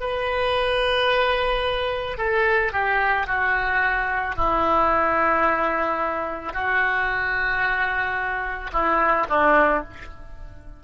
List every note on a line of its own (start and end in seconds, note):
0.00 2.18 B4
2.18 2.72 A4
2.72 3.27 G4
3.27 4.36 F#4
4.36 6.53 E4
6.53 8.71 F#4
8.72 9.27 E4
9.29 9.84 D4